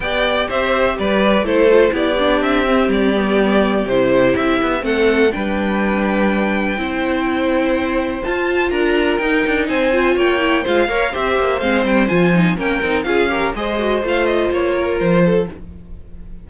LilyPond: <<
  \new Staff \with { instrumentName = "violin" } { \time 4/4 \tempo 4 = 124 g''4 e''4 d''4 c''4 | d''4 e''4 d''2 | c''4 e''4 fis''4 g''4~ | g''1~ |
g''4 a''4 ais''4 g''4 | gis''4 g''4 f''4 e''4 | f''8 g''8 gis''4 g''4 f''4 | dis''4 f''8 dis''8 cis''4 c''4 | }
  \new Staff \with { instrumentName = "violin" } { \time 4/4 d''4 c''4 b'4 a'4 | g'1~ | g'2 a'4 b'4~ | b'2 c''2~ |
c''2 ais'2 | c''4 cis''4 c''8 cis''8 c''4~ | c''2 ais'4 gis'8 ais'8 | c''2~ c''8 ais'4 a'8 | }
  \new Staff \with { instrumentName = "viola" } { \time 4/4 g'2. e'8 f'8 | e'8 d'4 c'4 b4. | e'2 c'4 d'4~ | d'2 e'2~ |
e'4 f'2 dis'4~ | dis'8 f'4 e'8 f'8 ais'8 g'4 | c'4 f'8 dis'8 cis'8 dis'8 f'8 g'8 | gis'8 fis'8 f'2. | }
  \new Staff \with { instrumentName = "cello" } { \time 4/4 b4 c'4 g4 a4 | b4 c'4 g2 | c4 c'8 b8 a4 g4~ | g2 c'2~ |
c'4 f'4 d'4 dis'8 d'8 | c'4 ais4 gis8 ais8 c'8 ais8 | gis8 g8 f4 ais8 c'8 cis'4 | gis4 a4 ais4 f4 | }
>>